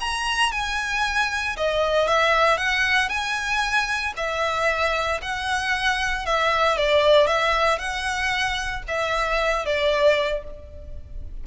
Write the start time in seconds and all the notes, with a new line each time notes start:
0.00 A#5
0.51 G#5
1.57 D#5
2.08 E5
2.57 F#5
3.09 G#5
4.16 E5
5.22 F#5
6.25 E5
6.77 D5
7.27 E5
7.79 F#5
8.88 E5
9.65 D5